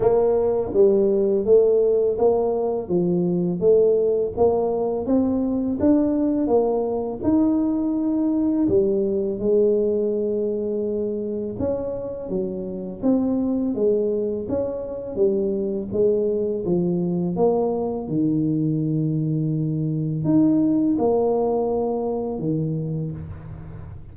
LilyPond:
\new Staff \with { instrumentName = "tuba" } { \time 4/4 \tempo 4 = 83 ais4 g4 a4 ais4 | f4 a4 ais4 c'4 | d'4 ais4 dis'2 | g4 gis2. |
cis'4 fis4 c'4 gis4 | cis'4 g4 gis4 f4 | ais4 dis2. | dis'4 ais2 dis4 | }